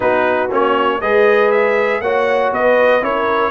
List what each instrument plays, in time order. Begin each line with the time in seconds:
0.00 tuba B3, trombone D#4, horn F#4, trumpet B4
0.50 tuba A#3, trombone C#4, trumpet C#5
1.01 tuba G#3, trombone G#4, horn B4, trumpet D#5
1.51 trumpet E5
2.00 tuba A#3, trombone F#4, horn C#5, trumpet F#5
2.52 tuba B3, horn B4, trumpet D#5
3.01 tuba C#4, trombone E4, horn A#4, trumpet C#5